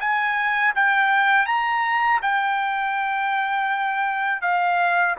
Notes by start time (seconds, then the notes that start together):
0.00 G#5
0.75 G5
1.46 A#5
2.22 G5
4.41 F5